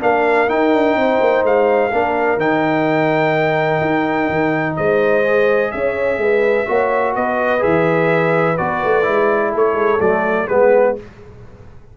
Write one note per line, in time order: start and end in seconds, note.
0.00 0.49 A#3
0.00 0.48 D4
0.00 0.98 A#4
0.00 0.49 F5
0.48 1.91 D#4
0.48 0.73 D#4
0.48 1.45 G5
0.73 0.96 D4
0.96 1.19 C4
0.96 1.90 C5
1.21 1.43 A#3
1.43 1.91 G#3
1.43 2.40 F5
1.90 2.37 A#3
1.90 2.39 D4
1.90 4.76 A#4
2.37 3.80 D#3
2.37 5.24 D#4
2.37 4.77 G5
3.81 4.29 D#4
4.29 4.77 D#3
4.77 5.74 G#3
4.77 5.72 C5
4.77 5.71 D#5
5.24 6.66 G#4
5.71 6.18 C#4
5.71 6.20 C#5
5.71 7.14 E5
6.18 6.65 G#3
6.18 6.68 B4
6.66 7.16 A#3
6.66 7.59 F#4
6.66 7.14 C#5
7.14 7.63 B3
7.14 9.50 B4
7.14 7.63 D#5
7.59 8.59 E3
7.59 8.54 G#4
7.59 8.57 E5
8.57 8.84 B3
8.57 9.03 F#4
8.57 9.53 D5
8.84 9.07 A3
9.03 9.54 G#3
9.03 9.98 E4
9.50 9.73 A3
9.50 10.46 A4
9.57 10.00 C#5
9.73 9.97 G#3
10.00 10.48 F#3
10.00 10.48 A3
10.00 10.48 D5
10.47 10.97 G#3
10.47 10.96 B3
10.47 10.95 G#4
10.47 10.95 B4